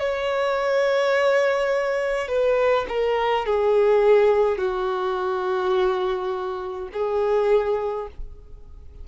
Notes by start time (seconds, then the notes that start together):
0.00 C#5
2.29 B4
2.89 A#4
3.46 G#4
4.58 F#4
6.93 G#4